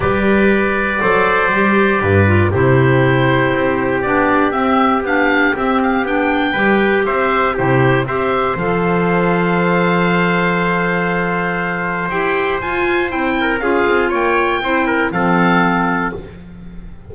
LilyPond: <<
  \new Staff \with { instrumentName = "oboe" } { \time 4/4 \tempo 4 = 119 d''1~ | d''4 c''2. | d''4 e''4 f''4 e''8 f''8 | g''2 e''4 c''4 |
e''4 f''2.~ | f''1 | g''4 gis''4 g''4 f''4 | g''2 f''2 | }
  \new Staff \with { instrumentName = "trumpet" } { \time 4/4 b'2 c''2 | b'4 g'2.~ | g'1~ | g'4 b'4 c''4 g'4 |
c''1~ | c''1~ | c''2~ c''8 ais'8 gis'4 | cis''4 c''8 ais'8 a'2 | }
  \new Staff \with { instrumentName = "clarinet" } { \time 4/4 g'2 a'4 g'4~ | g'8 f'8 e'2. | d'4 c'4 d'4 c'4 | d'4 g'2 e'4 |
g'4 a'2.~ | a'1 | g'4 f'4 e'4 f'4~ | f'4 e'4 c'2 | }
  \new Staff \with { instrumentName = "double bass" } { \time 4/4 g2 fis4 g4 | g,4 c2 c'4 | b4 c'4 b4 c'4 | b4 g4 c'4 c4 |
c'4 f2.~ | f1 | e'4 f'4 c'4 cis'8 c'8 | ais4 c'4 f2 | }
>>